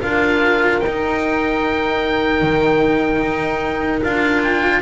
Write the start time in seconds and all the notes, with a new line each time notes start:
0.00 D4 F4 A#4 F5
0.79 D#4 G5
0.86 D#4
2.41 D#3
3.21 D#4
4.02 D4 F4 F5
4.43 G5